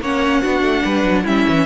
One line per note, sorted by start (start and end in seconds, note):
0.00 0.41 A#3
0.00 0.43 C#4
0.00 0.42 C#5
0.00 1.26 F#5
0.42 0.61 B3
0.42 1.25 D4
0.42 0.83 F#4
0.61 0.82 A3
0.85 1.03 G3
0.85 1.23 B4
1.03 1.24 F#3
1.23 1.46 G3
1.23 1.66 C#4
1.23 1.64 E4
1.23 1.66 E5
1.49 1.66 E3